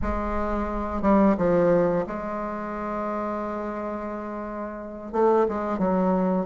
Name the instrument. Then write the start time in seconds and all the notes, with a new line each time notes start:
bassoon
0.02 G#3
1.02 G3
1.37 F3
2.06 G#3
5.12 A3
5.48 G#3
5.78 F#3